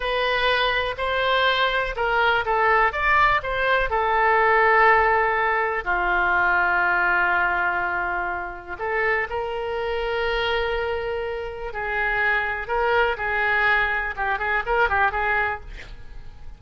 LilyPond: \new Staff \with { instrumentName = "oboe" } { \time 4/4 \tempo 4 = 123 b'2 c''2 | ais'4 a'4 d''4 c''4 | a'1 | f'1~ |
f'2 a'4 ais'4~ | ais'1 | gis'2 ais'4 gis'4~ | gis'4 g'8 gis'8 ais'8 g'8 gis'4 | }